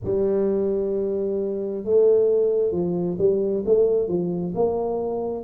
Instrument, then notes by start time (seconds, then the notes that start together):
tuba
0.03 G3
1.84 A3
2.71 F3
3.18 G3
3.65 A3
4.07 F3
4.55 A#3